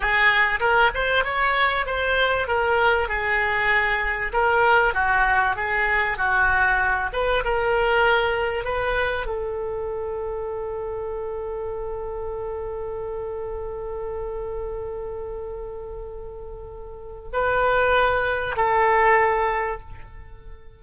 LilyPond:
\new Staff \with { instrumentName = "oboe" } { \time 4/4 \tempo 4 = 97 gis'4 ais'8 c''8 cis''4 c''4 | ais'4 gis'2 ais'4 | fis'4 gis'4 fis'4. b'8 | ais'2 b'4 a'4~ |
a'1~ | a'1~ | a'1 | b'2 a'2 | }